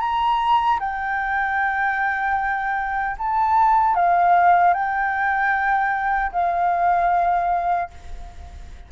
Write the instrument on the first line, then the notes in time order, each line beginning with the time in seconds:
flute
0.00 A#5
0.79 G5
3.18 A5
3.95 F5
4.74 G5
6.32 F5